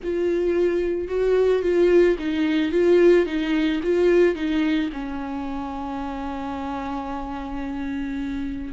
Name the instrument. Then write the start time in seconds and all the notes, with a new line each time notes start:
viola
0.03 F4
1.08 F#4
1.62 F4
2.18 D#4
2.71 F4
3.26 D#4
3.83 F4
4.35 D#4
4.92 C#4